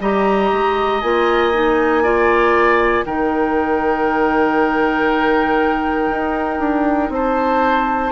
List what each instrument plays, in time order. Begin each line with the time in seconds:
0.00 bassoon G3, clarinet G4, oboe D#5, flute A#5
0.51 bassoon G#3
1.01 bassoon A#3, clarinet F4, flute G#5
1.53 clarinet D#4
2.03 clarinet F4, oboe D5
3.05 bassoon D#3, clarinet D#4, oboe A#4, flute G5
6.10 bassoon D#4
6.59 bassoon D4
7.09 bassoon C4, oboe C5, flute A5